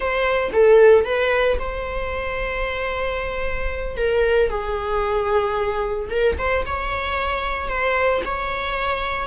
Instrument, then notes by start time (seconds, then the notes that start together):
viola
0.00 C5
0.52 A4
1.04 B4
1.59 C5
3.97 A#4
4.49 G#4
6.10 A#4
6.38 C5
6.65 C#5
7.68 C5
8.25 C#5